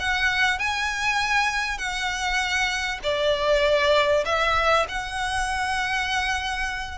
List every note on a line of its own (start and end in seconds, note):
0.00 0.59 F#5
0.59 1.78 G#5
1.78 2.99 F#5
3.03 4.25 D5
4.26 4.86 E5
4.89 6.98 F#5